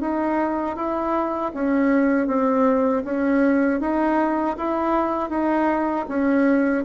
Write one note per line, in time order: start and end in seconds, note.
0.00 0.76 D#4
0.76 1.52 E4
1.54 2.27 C#4
2.27 3.03 C4
3.04 3.80 C#4
3.80 4.56 D#4
4.57 5.30 E4
5.30 6.06 D#4
6.08 6.84 C#4